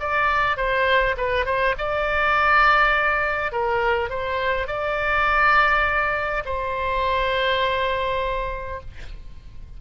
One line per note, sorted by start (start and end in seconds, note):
0.00 0.57 D5
0.57 1.16 C5
1.17 1.45 B4
1.45 1.75 C5
1.78 3.52 D5
3.52 4.09 A#4
4.09 4.67 C5
4.67 6.44 D5
6.45 8.80 C5